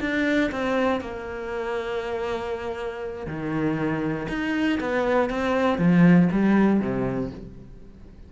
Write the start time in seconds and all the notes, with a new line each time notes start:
0.00 D4
0.52 C4
1.01 A#3
3.26 D#3
4.29 D#4
4.80 B3
5.30 C4
5.78 F3
6.32 G3
6.80 C3